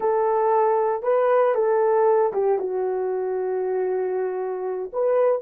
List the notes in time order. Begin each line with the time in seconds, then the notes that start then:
0.00 A4
1.03 B4
1.54 A4
2.33 G4
2.58 F#4
4.92 B4